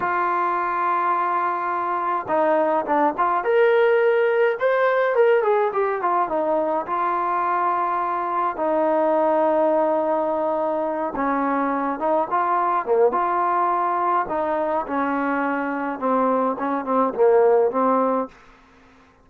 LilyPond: \new Staff \with { instrumentName = "trombone" } { \time 4/4 \tempo 4 = 105 f'1 | dis'4 d'8 f'8 ais'2 | c''4 ais'8 gis'8 g'8 f'8 dis'4 | f'2. dis'4~ |
dis'2.~ dis'8 cis'8~ | cis'4 dis'8 f'4 ais8 f'4~ | f'4 dis'4 cis'2 | c'4 cis'8 c'8 ais4 c'4 | }